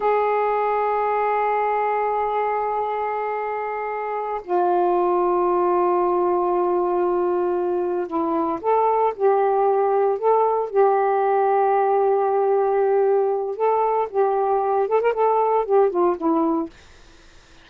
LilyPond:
\new Staff \with { instrumentName = "saxophone" } { \time 4/4 \tempo 4 = 115 gis'1~ | gis'1~ | gis'8 f'2.~ f'8~ | f'2.~ f'8 e'8~ |
e'8 a'4 g'2 a'8~ | a'8 g'2.~ g'8~ | g'2 a'4 g'4~ | g'8 a'16 ais'16 a'4 g'8 f'8 e'4 | }